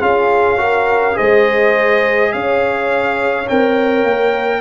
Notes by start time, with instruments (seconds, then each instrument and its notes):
0.00 tuba C#4, trombone F4, horn G#4, trumpet F5
0.57 trombone F#4, horn A#4
1.13 trombone G#4, horn C5, trumpet D#5
1.20 tuba G#3
2.32 tuba C#4, horn C#5, trumpet F5
3.48 tuba C4, trombone A#4, trumpet G5
4.04 tuba A#3